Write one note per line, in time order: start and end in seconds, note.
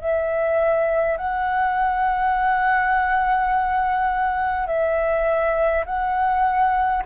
0.00 1.17 E5
1.17 4.67 F#5
4.67 5.84 E5
5.86 7.03 F#5